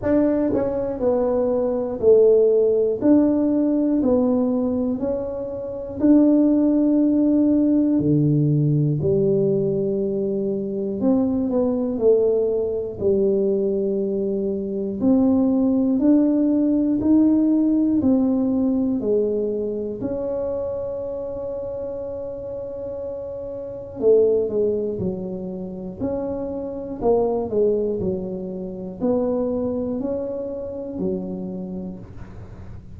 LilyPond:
\new Staff \with { instrumentName = "tuba" } { \time 4/4 \tempo 4 = 60 d'8 cis'8 b4 a4 d'4 | b4 cis'4 d'2 | d4 g2 c'8 b8 | a4 g2 c'4 |
d'4 dis'4 c'4 gis4 | cis'1 | a8 gis8 fis4 cis'4 ais8 gis8 | fis4 b4 cis'4 fis4 | }